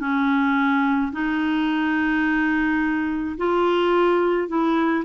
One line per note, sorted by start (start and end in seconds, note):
0.00 1.12 C#4
1.12 3.37 D#4
3.38 4.48 F4
4.48 5.04 E4